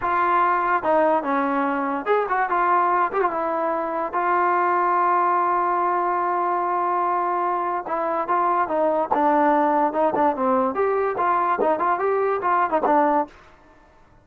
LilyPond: \new Staff \with { instrumentName = "trombone" } { \time 4/4 \tempo 4 = 145 f'2 dis'4 cis'4~ | cis'4 gis'8 fis'8 f'4. g'16 f'16 | e'2 f'2~ | f'1~ |
f'2. e'4 | f'4 dis'4 d'2 | dis'8 d'8 c'4 g'4 f'4 | dis'8 f'8 g'4 f'8. dis'16 d'4 | }